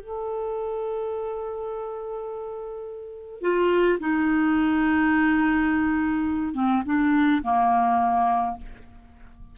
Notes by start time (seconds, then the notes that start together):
0.00 A4
3.41 F4
3.99 D#4
6.54 C4
6.85 D4
7.43 A#3